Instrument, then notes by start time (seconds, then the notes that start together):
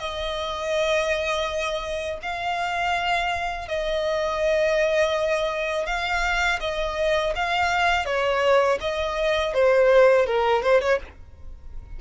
violin
0.00 D#5
2.23 F5
3.69 D#5
5.87 F5
6.61 D#5
7.36 F5
8.06 C#5
8.81 D#5
9.54 C5
10.27 A#4
10.63 C5
10.81 C#5